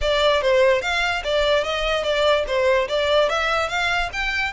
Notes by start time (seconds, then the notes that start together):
0.01 D5
0.41 C5
0.81 F5
1.23 D5
1.64 D#5
2.03 D5
2.47 C5
2.88 D5
3.29 E5
3.68 F5
4.13 G5